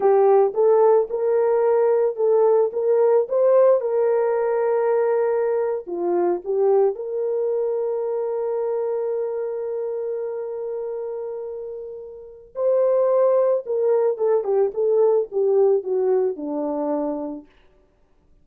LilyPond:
\new Staff \with { instrumentName = "horn" } { \time 4/4 \tempo 4 = 110 g'4 a'4 ais'2 | a'4 ais'4 c''4 ais'4~ | ais'2~ ais'8. f'4 g'16~ | g'8. ais'2.~ ais'16~ |
ais'1~ | ais'2. c''4~ | c''4 ais'4 a'8 g'8 a'4 | g'4 fis'4 d'2 | }